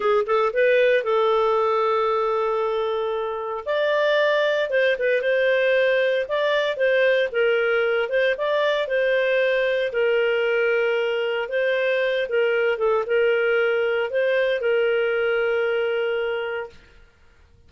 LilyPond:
\new Staff \with { instrumentName = "clarinet" } { \time 4/4 \tempo 4 = 115 gis'8 a'8 b'4 a'2~ | a'2. d''4~ | d''4 c''8 b'8 c''2 | d''4 c''4 ais'4. c''8 |
d''4 c''2 ais'4~ | ais'2 c''4. ais'8~ | ais'8 a'8 ais'2 c''4 | ais'1 | }